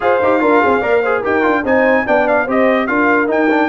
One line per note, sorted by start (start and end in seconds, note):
0.00 0.21 F4
0.00 0.21 G#4
0.00 0.41 C5
0.00 1.24 F5
0.22 0.40 D#4
0.22 0.39 G4
0.39 0.61 D4
0.39 0.80 F4
0.39 0.61 A#4
0.61 0.81 C4
0.61 0.80 G#4
0.80 1.22 A#3
0.80 1.03 A#4
0.80 1.01 D5
1.02 1.24 G#4
1.02 1.21 C5
1.21 1.45 D#4
1.21 1.41 G4
1.21 1.62 A#4
1.21 1.65 G5
1.41 1.64 D4
1.41 1.62 F4
1.64 2.05 C4
1.64 2.06 D#4
1.64 2.06 C5
1.64 2.07 G#5
2.06 2.47 B3
2.06 2.47 D4
2.06 2.44 D5
2.06 2.27 G5
2.27 2.48 F5
2.44 2.88 C4
2.44 2.88 G4
2.44 2.85 C5
2.44 2.86 D#5
2.86 3.29 D4
2.86 3.27 F4
2.86 3.69 A#4
2.86 3.27 F5
3.27 3.47 D#4
3.27 3.69 D#4
3.27 3.69 G5
3.49 3.69 D4